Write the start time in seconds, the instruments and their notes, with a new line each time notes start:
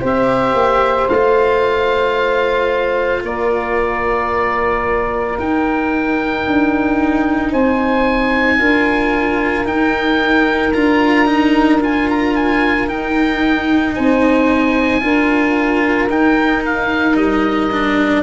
0.00 tuba C4, cello G4, saxophone C5
0.06 oboe E5
0.53 tuba A#3
1.08 tuba A3, cello F4, oboe F5
3.23 tuba A#3, saxophone A#4, oboe D5
5.37 cello D#4, tuba D#4, oboe G5
6.46 tuba D4
7.51 tuba C4, saxophone C5, oboe G#5
8.57 tuba D4, cello F4, saxophone A#4
9.65 cello D#4, tuba D#4, oboe G5
10.73 tuba D4, cello F4, oboe A#5
11.25 cello D#4
11.80 cello F4, oboe G#5
12.09 oboe A#5
12.35 oboe G#5
12.87 cello D#4, tuba D#4, oboe G5
13.94 tuba C4, saxophone C5, oboe G#5
15.00 tuba D4, cello F4, saxophone A#4
16.09 tuba D#4, cello D#4, oboe G5
16.65 oboe F5
17.15 tuba G3, oboe D#5
17.71 cello D4